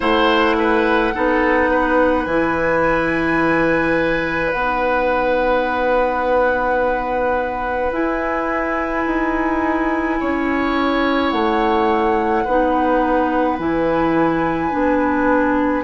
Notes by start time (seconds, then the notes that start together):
0.00 A3 E4 C5 F#5
0.58 B4
1.13 B3 D#4 A4
1.71 B4
2.24 E3 E4 G#5
4.51 B3 D#4 F#5
7.91 E4 G#5
9.06 D#4
10.19 C#4 C#5
11.30 A3 F#5
12.44 B3 D#4 B4
13.58 E3 E4 G#5
14.71 B3 D4